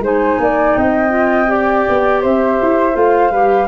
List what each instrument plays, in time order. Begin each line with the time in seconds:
0.00 tuba G#3, clarinet D#4, flute C5 G#5
0.39 tuba A#3, flute D5
0.75 tuba C4, flute D#5 G5
1.09 clarinet F4
1.47 clarinet G4, flute D5
1.89 tuba B3
2.21 tuba C4, flute C5 E5
2.62 tuba E4
2.93 tuba A3, clarinet F4, flute F5
3.31 tuba G3, clarinet G4, flute B4